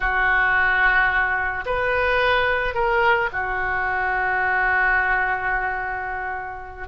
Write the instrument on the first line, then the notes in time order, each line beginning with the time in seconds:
oboe
0.00 F#4
1.65 B4
2.74 A#4
3.32 F#4